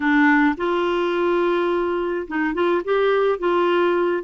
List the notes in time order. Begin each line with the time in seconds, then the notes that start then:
0.00 D4
0.57 F4
2.27 D#4
2.53 F4
2.84 G4
3.38 F4